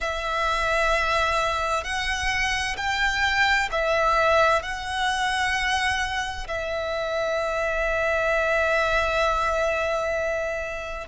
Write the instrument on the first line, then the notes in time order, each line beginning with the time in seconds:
violin
0.00 E5
1.83 F#5
2.77 G5
3.71 E5
4.62 F#5
6.47 E5